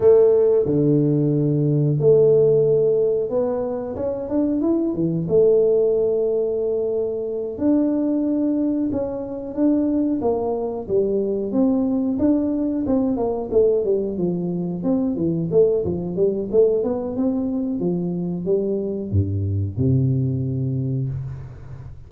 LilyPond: \new Staff \with { instrumentName = "tuba" } { \time 4/4 \tempo 4 = 91 a4 d2 a4~ | a4 b4 cis'8 d'8 e'8 e8 | a2.~ a8 d'8~ | d'4. cis'4 d'4 ais8~ |
ais8 g4 c'4 d'4 c'8 | ais8 a8 g8 f4 c'8 e8 a8 | f8 g8 a8 b8 c'4 f4 | g4 g,4 c2 | }